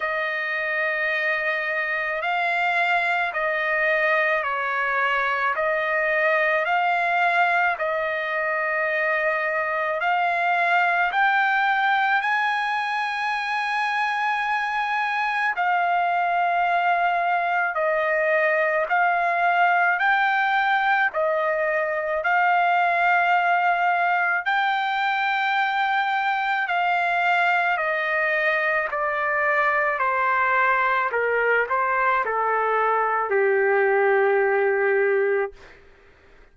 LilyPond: \new Staff \with { instrumentName = "trumpet" } { \time 4/4 \tempo 4 = 54 dis''2 f''4 dis''4 | cis''4 dis''4 f''4 dis''4~ | dis''4 f''4 g''4 gis''4~ | gis''2 f''2 |
dis''4 f''4 g''4 dis''4 | f''2 g''2 | f''4 dis''4 d''4 c''4 | ais'8 c''8 a'4 g'2 | }